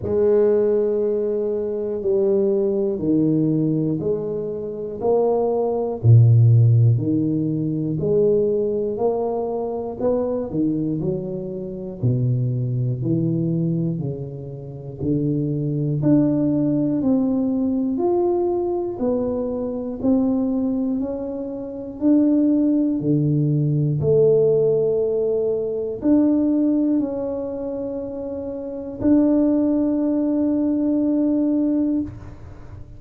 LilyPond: \new Staff \with { instrumentName = "tuba" } { \time 4/4 \tempo 4 = 60 gis2 g4 dis4 | gis4 ais4 ais,4 dis4 | gis4 ais4 b8 dis8 fis4 | b,4 e4 cis4 d4 |
d'4 c'4 f'4 b4 | c'4 cis'4 d'4 d4 | a2 d'4 cis'4~ | cis'4 d'2. | }